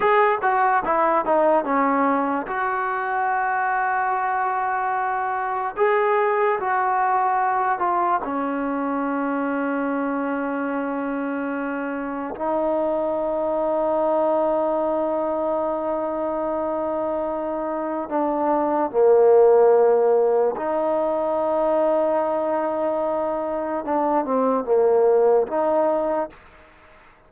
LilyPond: \new Staff \with { instrumentName = "trombone" } { \time 4/4 \tempo 4 = 73 gis'8 fis'8 e'8 dis'8 cis'4 fis'4~ | fis'2. gis'4 | fis'4. f'8 cis'2~ | cis'2. dis'4~ |
dis'1~ | dis'2 d'4 ais4~ | ais4 dis'2.~ | dis'4 d'8 c'8 ais4 dis'4 | }